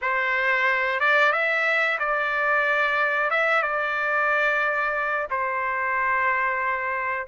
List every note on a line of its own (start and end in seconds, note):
0.01 1.00 C5
1.00 1.32 D5
1.32 1.98 E5
1.99 3.30 D5
3.30 3.62 E5
3.62 5.27 D5
5.30 7.27 C5